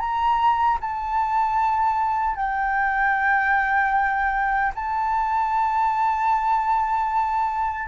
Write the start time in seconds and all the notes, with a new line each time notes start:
0.00 A#5
0.81 A5
2.36 G5
4.76 A5